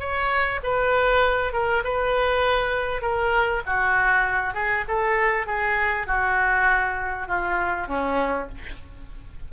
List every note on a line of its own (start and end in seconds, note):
0.00 0.61 C#5
0.64 1.53 B4
1.53 1.83 A#4
1.84 3.02 B4
3.02 3.63 A#4
3.66 4.54 F#4
4.54 4.85 G#4
4.88 5.47 A4
5.47 6.07 G#4
6.07 7.28 F#4
7.28 7.88 F4
7.88 8.49 C#4